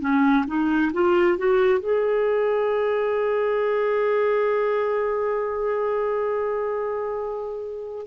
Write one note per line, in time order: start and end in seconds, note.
0.00 0.45 C#4
0.47 0.92 D#4
0.93 1.38 F4
1.38 1.79 F#4
1.79 8.06 G#4